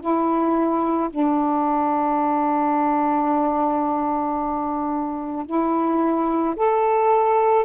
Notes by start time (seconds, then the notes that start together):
0.00 E4
1.10 D4
5.46 E4
6.56 A4